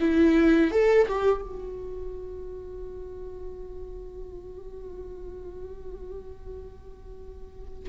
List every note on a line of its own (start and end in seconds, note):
0.00 0.71 E4
0.71 1.07 A4
1.08 1.42 G4
1.42 7.89 F#4